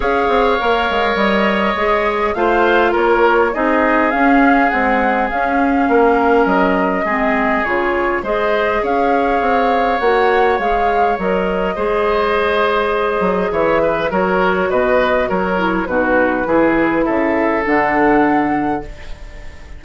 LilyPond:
<<
  \new Staff \with { instrumentName = "flute" } { \time 4/4 \tempo 4 = 102 f''2 dis''2 | f''4 cis''4 dis''4 f''4 | fis''4 f''2 dis''4~ | dis''4 cis''4 dis''4 f''4~ |
f''4 fis''4 f''4 dis''4~ | dis''2. e''4 | cis''4 dis''4 cis''4 b'4~ | b'4 e''4 fis''2 | }
  \new Staff \with { instrumentName = "oboe" } { \time 4/4 cis''1 | c''4 ais'4 gis'2~ | gis'2 ais'2 | gis'2 c''4 cis''4~ |
cis''1 | c''2. cis''8 b'8 | ais'4 b'4 ais'4 fis'4 | gis'4 a'2. | }
  \new Staff \with { instrumentName = "clarinet" } { \time 4/4 gis'4 ais'2 gis'4 | f'2 dis'4 cis'4 | gis4 cis'2. | c'4 f'4 gis'2~ |
gis'4 fis'4 gis'4 ais'4 | gis'1 | fis'2~ fis'8 e'8 dis'4 | e'2 d'2 | }
  \new Staff \with { instrumentName = "bassoon" } { \time 4/4 cis'8 c'8 ais8 gis8 g4 gis4 | a4 ais4 c'4 cis'4 | c'4 cis'4 ais4 fis4 | gis4 cis4 gis4 cis'4 |
c'4 ais4 gis4 fis4 | gis2~ gis8 fis8 e4 | fis4 b,4 fis4 b,4 | e4 cis4 d2 | }
>>